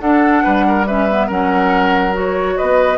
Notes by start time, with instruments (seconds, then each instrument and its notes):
0.00 bassoon D4, clarinet D4, oboe A4, flute F#5
0.43 bassoon G3, oboe B4
0.67 oboe A#4
0.87 clarinet C#4, oboe B4, flute E5
1.09 clarinet B3
1.27 bassoon F#3, clarinet C#4, oboe A#4, flute F#5
2.13 clarinet F#4, flute C#5
2.57 bassoon B3, oboe B4, flute D#5